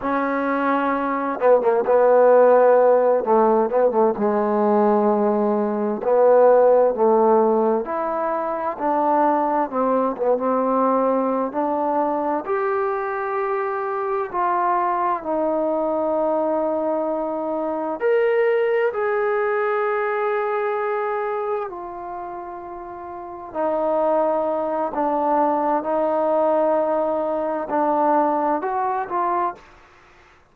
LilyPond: \new Staff \with { instrumentName = "trombone" } { \time 4/4 \tempo 4 = 65 cis'4. b16 ais16 b4. a8 | b16 a16 gis2 b4 a8~ | a8 e'4 d'4 c'8 b16 c'8.~ | c'8 d'4 g'2 f'8~ |
f'8 dis'2. ais'8~ | ais'8 gis'2. f'8~ | f'4. dis'4. d'4 | dis'2 d'4 fis'8 f'8 | }